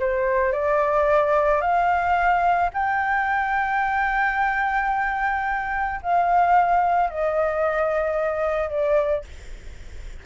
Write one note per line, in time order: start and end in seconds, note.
0.00 0.53 C5
0.53 1.61 D5
1.61 2.70 F5
2.74 6.01 G5
6.03 7.11 F5
7.11 8.70 D#5
8.70 9.25 D5